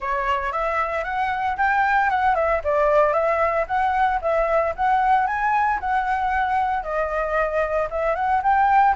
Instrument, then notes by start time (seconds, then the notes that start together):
flute
0.00 C#5
0.52 E5
1.04 F#5
1.57 G5
2.09 F#5
2.35 E5
2.64 D5
3.13 E5
3.67 F#5
4.21 E5
4.76 F#5
5.27 G#5
5.80 F#5
6.83 D#5
7.90 E5
8.15 F#5
8.43 G5